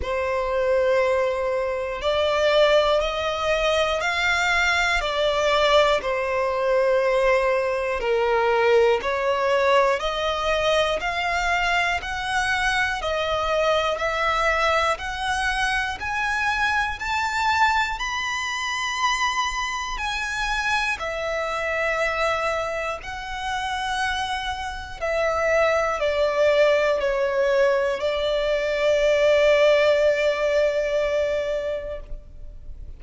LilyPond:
\new Staff \with { instrumentName = "violin" } { \time 4/4 \tempo 4 = 60 c''2 d''4 dis''4 | f''4 d''4 c''2 | ais'4 cis''4 dis''4 f''4 | fis''4 dis''4 e''4 fis''4 |
gis''4 a''4 b''2 | gis''4 e''2 fis''4~ | fis''4 e''4 d''4 cis''4 | d''1 | }